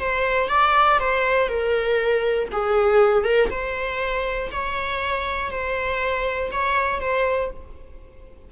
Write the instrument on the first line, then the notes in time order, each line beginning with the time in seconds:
viola
0.00 C5
0.49 D5
1.00 C5
1.49 A#4
2.52 G#4
3.25 A#4
3.51 C5
4.52 C#5
5.51 C5
6.52 C#5
7.01 C5